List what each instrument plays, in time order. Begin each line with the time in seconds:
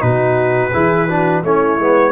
0.00 tuba B2, trombone D#4, horn F#4, trumpet B4
0.72 tuba E3, trombone E4, horn G#4
1.07 trombone D4, horn F#4
1.43 tuba A3, trombone C#4, horn E4, trumpet C#5
1.79 tuba G#3, trombone B3